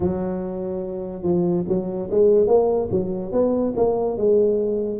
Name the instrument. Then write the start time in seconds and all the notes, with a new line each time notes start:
tuba
0.00 F#3
1.22 F3
1.67 F#3
2.10 G#3
2.47 A#3
2.91 F#3
3.31 B3
3.76 A#3
4.17 G#3